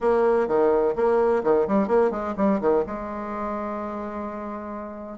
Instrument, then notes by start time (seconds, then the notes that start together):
bassoon
0.01 A#3
0.47 D#3
0.95 A#3
1.43 D#3
1.67 G3
1.87 A#3
2.10 G#3
2.36 G3
2.60 D#3
2.86 G#3